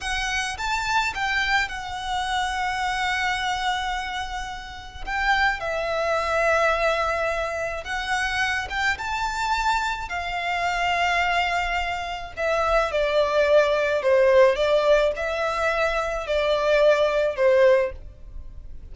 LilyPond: \new Staff \with { instrumentName = "violin" } { \time 4/4 \tempo 4 = 107 fis''4 a''4 g''4 fis''4~ | fis''1~ | fis''4 g''4 e''2~ | e''2 fis''4. g''8 |
a''2 f''2~ | f''2 e''4 d''4~ | d''4 c''4 d''4 e''4~ | e''4 d''2 c''4 | }